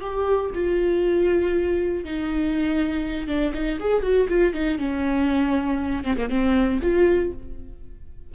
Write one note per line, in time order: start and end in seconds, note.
0.00 0.50 G4
0.54 2.04 F4
2.04 3.28 D#4
3.28 3.53 D4
3.54 3.79 D#4
3.80 4.02 G#4
4.02 4.27 F#4
4.28 4.54 F4
4.54 4.78 D#4
4.78 6.04 C#4
6.04 6.16 C4
6.17 6.29 A#3
6.29 6.80 C4
6.82 7.32 F4